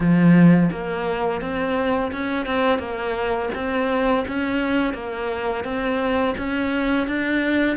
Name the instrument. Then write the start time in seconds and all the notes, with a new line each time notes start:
cello
0.00 F3
0.71 A#3
1.41 C4
2.12 C#4
2.45 C4
2.79 A#3
3.54 C4
4.27 C#4
4.93 A#3
5.64 C4
6.37 C#4
7.07 D4